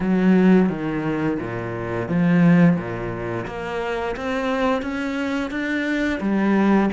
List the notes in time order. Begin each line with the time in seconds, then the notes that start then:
0.00 F#3
0.69 D#3
1.39 A#2
2.08 F3
2.76 A#2
3.46 A#3
4.16 C4
4.82 C#4
5.50 D4
6.20 G3